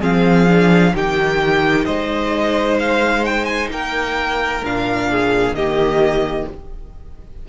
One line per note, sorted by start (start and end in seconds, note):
0.00 0.94 F3
0.00 0.47 C4
0.00 0.92 G#4
0.00 0.95 F5
0.48 0.94 D4
0.94 1.87 D#3
0.94 4.64 D#4
0.94 1.85 G4
0.94 1.85 G5
1.85 3.70 G#3
1.85 3.70 C5
1.85 2.77 D#5
2.79 3.25 F5
3.25 3.45 G5
3.45 3.68 G#5
3.70 4.62 A#3
3.70 5.10 A#4
3.70 4.64 G5
4.64 5.52 A#2
4.64 5.56 D4
4.64 5.55 F5
5.11 5.56 G#4
5.52 6.44 D#3
5.52 6.48 A#3
5.52 6.49 G4
5.52 6.47 D#5